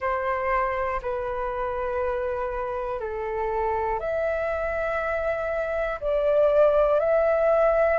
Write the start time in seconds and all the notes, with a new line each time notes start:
0.00 C5
1.02 B4
3.00 A4
4.00 E5
6.00 D5
6.99 E5